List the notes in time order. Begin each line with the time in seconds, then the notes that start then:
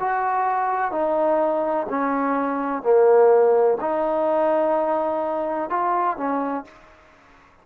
0.00 F#4
0.91 D#4
1.89 C#4
2.83 A#3
3.81 D#4
5.70 F4
6.17 C#4